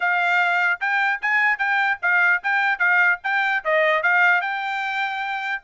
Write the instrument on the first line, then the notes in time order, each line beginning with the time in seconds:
trumpet
0.00 F5
0.80 G5
1.21 G#5
1.58 G5
2.02 F5
2.43 G5
2.78 F5
3.23 G5
3.64 D#5
4.02 F5
4.41 G5